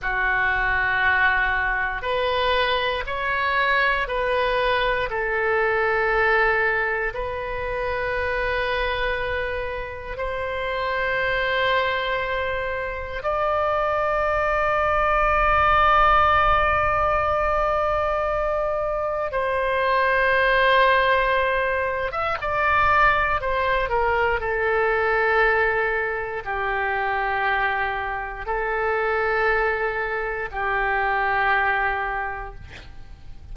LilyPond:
\new Staff \with { instrumentName = "oboe" } { \time 4/4 \tempo 4 = 59 fis'2 b'4 cis''4 | b'4 a'2 b'4~ | b'2 c''2~ | c''4 d''2.~ |
d''2. c''4~ | c''4.~ c''16 e''16 d''4 c''8 ais'8 | a'2 g'2 | a'2 g'2 | }